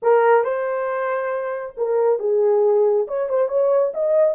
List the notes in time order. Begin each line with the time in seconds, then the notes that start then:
0.02 A#4
0.44 C5
1.77 A#4
2.19 G#4
3.07 C#5
3.29 C5
3.48 C#5
3.94 D#5